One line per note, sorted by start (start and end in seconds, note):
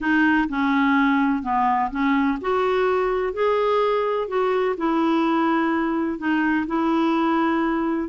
0.00 0.48 D#4
0.48 1.43 C#4
1.43 1.90 B3
1.90 2.38 C#4
2.41 3.33 F#4
3.33 4.27 G#4
4.27 4.75 F#4
4.77 6.18 E4
6.18 6.66 D#4
6.66 8.08 E4